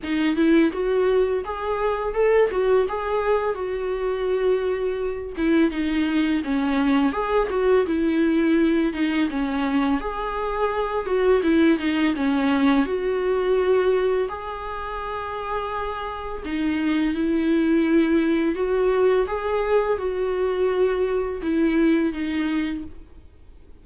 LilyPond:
\new Staff \with { instrumentName = "viola" } { \time 4/4 \tempo 4 = 84 dis'8 e'8 fis'4 gis'4 a'8 fis'8 | gis'4 fis'2~ fis'8 e'8 | dis'4 cis'4 gis'8 fis'8 e'4~ | e'8 dis'8 cis'4 gis'4. fis'8 |
e'8 dis'8 cis'4 fis'2 | gis'2. dis'4 | e'2 fis'4 gis'4 | fis'2 e'4 dis'4 | }